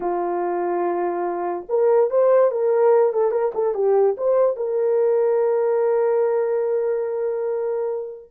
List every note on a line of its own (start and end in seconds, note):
0.00 1.66 F4
1.68 2.10 A#4
2.10 2.51 C5
2.51 3.12 A#4
3.12 3.31 A4
3.31 3.52 A#4
3.54 3.74 A4
3.74 4.16 G4
4.17 4.56 C5
4.56 8.31 A#4